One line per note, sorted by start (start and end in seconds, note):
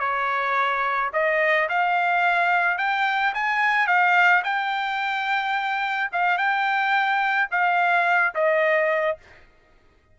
0.00 1.11 C#5
1.14 1.69 D#5
1.69 2.78 F5
2.78 3.34 G5
3.35 3.88 G#5
3.88 4.43 F5
4.44 6.11 G5
6.13 6.38 F5
6.38 7.49 G5
7.52 8.35 F5
8.35 9.18 D#5